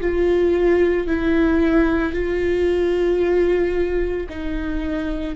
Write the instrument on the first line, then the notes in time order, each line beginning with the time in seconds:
viola
0.00 F4
1.07 E4
2.12 F4
4.29 D#4